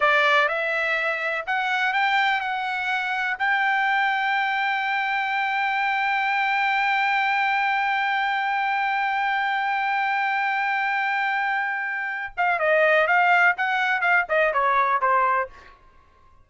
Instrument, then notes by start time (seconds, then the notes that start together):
trumpet
0.00 D5
0.48 E5
1.46 F#5
1.93 G5
2.40 F#5
3.38 G5
12.37 F5
12.59 D#5
13.07 F5
13.57 F#5
14.01 F5
14.29 D#5
14.53 C#5
15.01 C5